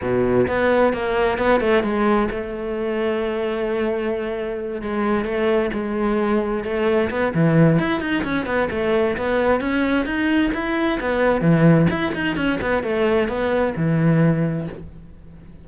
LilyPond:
\new Staff \with { instrumentName = "cello" } { \time 4/4 \tempo 4 = 131 b,4 b4 ais4 b8 a8 | gis4 a2.~ | a2~ a8 gis4 a8~ | a8 gis2 a4 b8 |
e4 e'8 dis'8 cis'8 b8 a4 | b4 cis'4 dis'4 e'4 | b4 e4 e'8 dis'8 cis'8 b8 | a4 b4 e2 | }